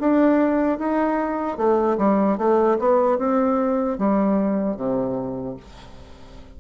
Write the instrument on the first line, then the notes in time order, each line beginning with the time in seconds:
bassoon
0.00 D4
0.79 D#4
1.57 A3
1.98 G3
2.38 A3
2.79 B3
3.18 C4
3.98 G3
4.77 C3